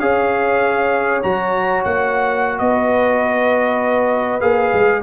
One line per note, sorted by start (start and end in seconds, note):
0.00 1.22 C#4
0.00 1.22 G#4
0.00 2.60 C#5
0.00 1.21 F5
1.23 1.85 F#3
1.23 4.41 F#4
1.23 1.83 A#5
1.84 2.60 A#3
1.84 2.59 F#5
2.59 4.41 B3
2.59 5.03 B4
2.59 4.41 D#5
4.41 4.71 A#3
4.41 5.02 G#4
4.41 5.01 F5
4.73 5.03 G#3